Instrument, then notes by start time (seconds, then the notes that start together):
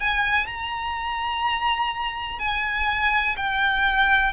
violin
0.00 G#5
0.47 A#5
2.39 G#5
3.37 G5